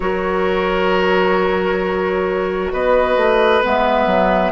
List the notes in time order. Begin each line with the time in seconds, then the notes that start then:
0.00 F#3 F#4 A#4 C#5
2.72 B3 B4 D#5
3.16 A3
3.63 G#3 B3 E5
4.05 F#3